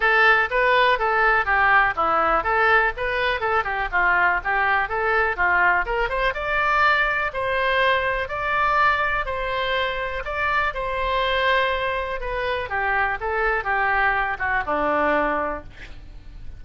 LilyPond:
\new Staff \with { instrumentName = "oboe" } { \time 4/4 \tempo 4 = 123 a'4 b'4 a'4 g'4 | e'4 a'4 b'4 a'8 g'8 | f'4 g'4 a'4 f'4 | ais'8 c''8 d''2 c''4~ |
c''4 d''2 c''4~ | c''4 d''4 c''2~ | c''4 b'4 g'4 a'4 | g'4. fis'8 d'2 | }